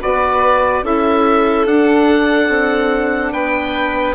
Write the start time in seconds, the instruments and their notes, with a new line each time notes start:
0.00 bassoon B3, saxophone F#4, violin B4, oboe D5
0.83 bassoon C#4, saxophone E4, violin A4, oboe E5
1.66 bassoon D4, saxophone D4, oboe F#5
2.49 bassoon C4
3.32 bassoon B3, violin B4, oboe G5